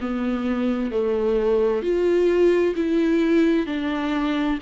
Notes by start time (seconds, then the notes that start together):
0.00 B3
0.91 A3
1.82 F4
2.75 E4
3.66 D4